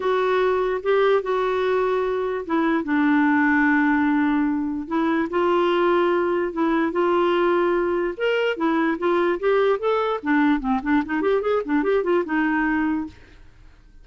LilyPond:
\new Staff \with { instrumentName = "clarinet" } { \time 4/4 \tempo 4 = 147 fis'2 g'4 fis'4~ | fis'2 e'4 d'4~ | d'1 | e'4 f'2. |
e'4 f'2. | ais'4 e'4 f'4 g'4 | a'4 d'4 c'8 d'8 dis'8 g'8 | gis'8 d'8 g'8 f'8 dis'2 | }